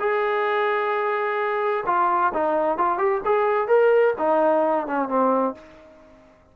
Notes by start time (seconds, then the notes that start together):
0.00 G#4
1.87 F4
2.34 D#4
2.78 F4
2.99 G4
3.25 G#4
3.68 A#4
4.19 D#4
4.88 C#4
5.09 C4